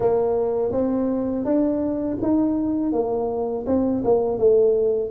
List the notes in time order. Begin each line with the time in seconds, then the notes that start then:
0.00 A#3
0.72 C4
1.44 D4
2.22 D#4
2.92 A#3
3.66 C4
4.04 A#3
4.37 A3